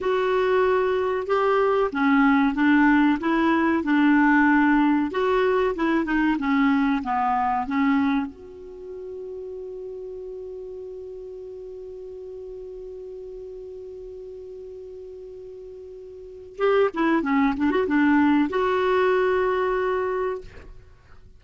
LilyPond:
\new Staff \with { instrumentName = "clarinet" } { \time 4/4 \tempo 4 = 94 fis'2 g'4 cis'4 | d'4 e'4 d'2 | fis'4 e'8 dis'8 cis'4 b4 | cis'4 fis'2.~ |
fis'1~ | fis'1~ | fis'2 g'8 e'8 cis'8 d'16 fis'16 | d'4 fis'2. | }